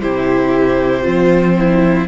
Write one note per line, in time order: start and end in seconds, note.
0.00 1.06 C3
0.00 1.02 E4
0.00 1.04 G4
0.00 2.07 C5
1.02 2.08 F3
1.02 2.08 C4
1.02 1.54 F4
1.58 2.08 E4